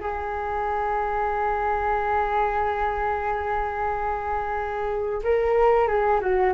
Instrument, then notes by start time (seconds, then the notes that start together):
flute
0.00 G#4
5.24 A#4
5.88 G#4
6.21 F#4